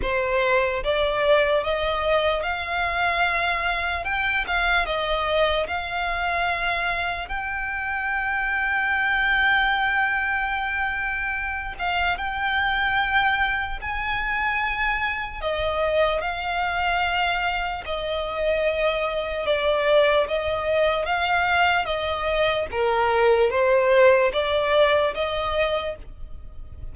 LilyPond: \new Staff \with { instrumentName = "violin" } { \time 4/4 \tempo 4 = 74 c''4 d''4 dis''4 f''4~ | f''4 g''8 f''8 dis''4 f''4~ | f''4 g''2.~ | g''2~ g''8 f''8 g''4~ |
g''4 gis''2 dis''4 | f''2 dis''2 | d''4 dis''4 f''4 dis''4 | ais'4 c''4 d''4 dis''4 | }